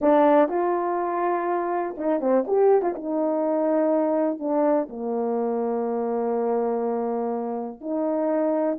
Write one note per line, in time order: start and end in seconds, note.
0.01 0.48 D4
0.48 1.95 F4
1.97 2.20 D#4
2.20 2.44 C4
2.47 2.82 G4
2.82 2.94 F4
2.95 4.39 D#4
4.39 4.88 D4
4.89 7.80 A#3
7.80 8.78 D#4